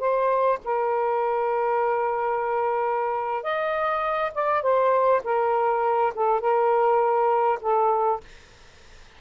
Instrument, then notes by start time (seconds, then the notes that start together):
saxophone
0.00 C5
0.65 A#4
3.43 D#5
4.35 D5
4.63 C5
5.24 A#4
6.15 A4
6.41 A#4
7.61 A4